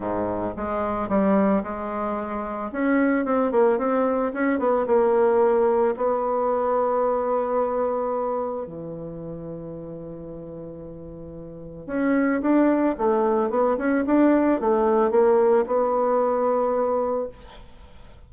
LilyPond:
\new Staff \with { instrumentName = "bassoon" } { \time 4/4 \tempo 4 = 111 gis,4 gis4 g4 gis4~ | gis4 cis'4 c'8 ais8 c'4 | cis'8 b8 ais2 b4~ | b1 |
e1~ | e2 cis'4 d'4 | a4 b8 cis'8 d'4 a4 | ais4 b2. | }